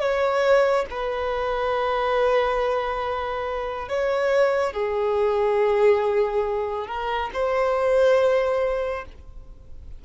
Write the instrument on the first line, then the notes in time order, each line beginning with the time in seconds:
violin
0.00 C#5
0.90 B4
3.89 C#5
4.73 G#4
6.88 A#4
7.34 C5